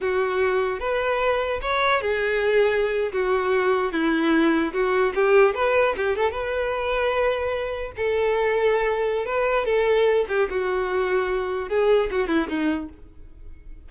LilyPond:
\new Staff \with { instrumentName = "violin" } { \time 4/4 \tempo 4 = 149 fis'2 b'2 | cis''4 gis'2~ gis'8. fis'16~ | fis'4.~ fis'16 e'2 fis'16~ | fis'8. g'4 b'4 g'8 a'8 b'16~ |
b'2.~ b'8. a'16~ | a'2. b'4 | a'4. g'8 fis'2~ | fis'4 gis'4 fis'8 e'8 dis'4 | }